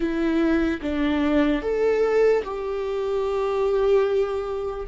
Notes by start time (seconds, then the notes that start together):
0.00 E4
0.81 D4
1.62 A4
2.44 G4